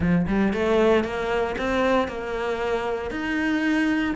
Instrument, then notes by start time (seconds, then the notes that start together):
cello
0.00 F3
0.27 G3
0.53 A3
1.03 A#3
1.58 C4
2.07 A#3
3.11 D#4